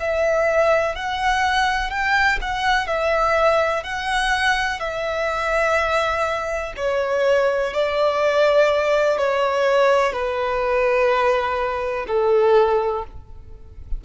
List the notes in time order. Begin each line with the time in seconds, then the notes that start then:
0.00 E5
0.95 F#5
1.90 G5
2.41 F#5
2.87 E5
3.84 F#5
4.80 E5
6.77 C#5
7.73 D5
9.18 C#5
10.13 B4
12.07 A4